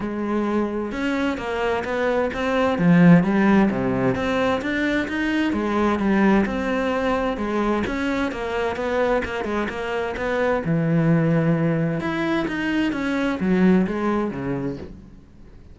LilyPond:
\new Staff \with { instrumentName = "cello" } { \time 4/4 \tempo 4 = 130 gis2 cis'4 ais4 | b4 c'4 f4 g4 | c4 c'4 d'4 dis'4 | gis4 g4 c'2 |
gis4 cis'4 ais4 b4 | ais8 gis8 ais4 b4 e4~ | e2 e'4 dis'4 | cis'4 fis4 gis4 cis4 | }